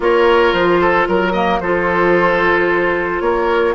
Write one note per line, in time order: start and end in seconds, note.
0.00 0.52 A#3
0.00 1.34 F4
0.00 0.80 A#4
0.00 0.53 C#5
0.52 1.06 F3
0.52 1.07 C5
0.80 1.07 A4
1.07 1.60 F#3
1.07 1.32 A#4
1.07 1.60 A#4
1.32 1.61 A#3
1.32 1.59 D#5
1.60 3.20 F3
1.60 3.74 F4
1.60 3.23 A4
1.60 3.20 C5
3.20 3.74 A#3
3.20 3.74 A#4
3.20 3.74 C#5